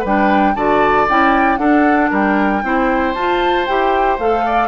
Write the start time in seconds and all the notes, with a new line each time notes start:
0.00 G3 D4 B4
0.06 G5
0.55 D3 F#4 D5 A5
1.08 C#4 E4 G5
1.57 D4 A4 F#5
2.10 G3 A#4 G5
2.63 C4 E4 C5
3.14 F4 A5
3.66 E4 G4 G5
4.19 A3 A4 F5
4.46 D5